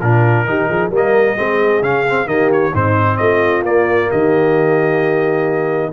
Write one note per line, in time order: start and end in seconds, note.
0.00 0.45 A#2
0.00 0.46 D4
0.00 0.46 F4
0.00 0.91 A#4
0.45 0.68 D#3
0.45 0.91 D#4
0.45 0.68 G4
0.68 0.89 F3
0.68 0.90 G#4
0.89 1.35 G3
0.89 1.36 A#3
0.89 1.35 A#4
0.95 1.83 D#5
1.36 1.81 G#3
1.36 1.82 C4
1.36 2.28 G#4
1.81 2.26 C#3
1.81 2.06 C#4
1.81 2.27 F5
2.09 2.26 C4
2.26 2.71 D#3
2.26 2.71 A#3
2.26 2.72 G4
2.26 2.50 D#5
2.52 2.75 C#5
2.72 3.19 G#2
2.72 3.65 C4
2.72 3.18 D#4
2.72 3.17 C5
3.17 3.62 A3
3.17 4.09 F4
3.17 3.62 D#5
3.62 4.08 A#3
3.62 5.92 A#3
3.62 4.11 D5
4.09 5.92 D#3
4.09 5.91 G4
4.09 5.92 D#5